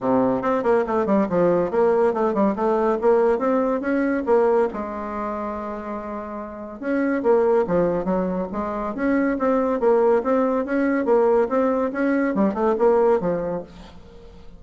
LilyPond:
\new Staff \with { instrumentName = "bassoon" } { \time 4/4 \tempo 4 = 141 c4 c'8 ais8 a8 g8 f4 | ais4 a8 g8 a4 ais4 | c'4 cis'4 ais4 gis4~ | gis1 |
cis'4 ais4 f4 fis4 | gis4 cis'4 c'4 ais4 | c'4 cis'4 ais4 c'4 | cis'4 g8 a8 ais4 f4 | }